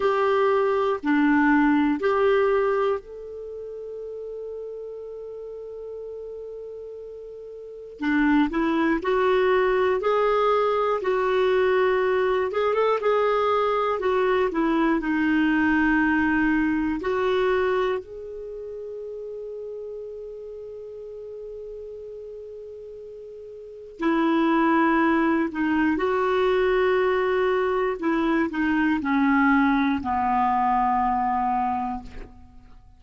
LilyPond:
\new Staff \with { instrumentName = "clarinet" } { \time 4/4 \tempo 4 = 60 g'4 d'4 g'4 a'4~ | a'1 | d'8 e'8 fis'4 gis'4 fis'4~ | fis'8 gis'16 a'16 gis'4 fis'8 e'8 dis'4~ |
dis'4 fis'4 gis'2~ | gis'1 | e'4. dis'8 fis'2 | e'8 dis'8 cis'4 b2 | }